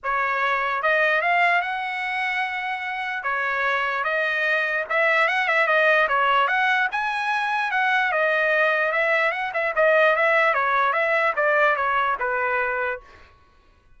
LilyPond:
\new Staff \with { instrumentName = "trumpet" } { \time 4/4 \tempo 4 = 148 cis''2 dis''4 f''4 | fis''1 | cis''2 dis''2 | e''4 fis''8 e''8 dis''4 cis''4 |
fis''4 gis''2 fis''4 | dis''2 e''4 fis''8 e''8 | dis''4 e''4 cis''4 e''4 | d''4 cis''4 b'2 | }